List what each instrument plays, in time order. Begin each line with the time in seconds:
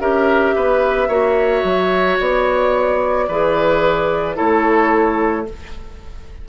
0.00 bassoon C#4, clarinet G4, oboe A#4, flute E5
0.56 bassoon B3, oboe B4
1.08 bassoon A#3, clarinet F#4, oboe C#5
1.64 bassoon F#3
2.20 bassoon B3, flute D5
3.28 bassoon E3, clarinet G#4, oboe B4
4.35 bassoon A3, clarinet E4, oboe A4, flute C#5